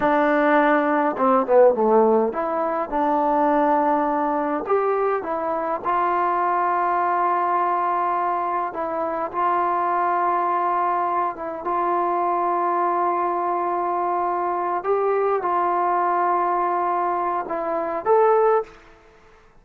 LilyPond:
\new Staff \with { instrumentName = "trombone" } { \time 4/4 \tempo 4 = 103 d'2 c'8 b8 a4 | e'4 d'2. | g'4 e'4 f'2~ | f'2. e'4 |
f'2.~ f'8 e'8 | f'1~ | f'4. g'4 f'4.~ | f'2 e'4 a'4 | }